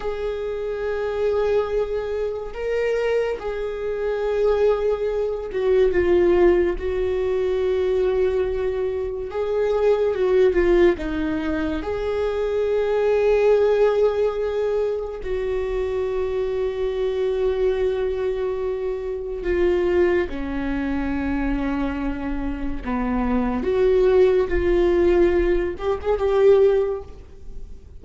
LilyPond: \new Staff \with { instrumentName = "viola" } { \time 4/4 \tempo 4 = 71 gis'2. ais'4 | gis'2~ gis'8 fis'8 f'4 | fis'2. gis'4 | fis'8 f'8 dis'4 gis'2~ |
gis'2 fis'2~ | fis'2. f'4 | cis'2. b4 | fis'4 f'4. g'16 gis'16 g'4 | }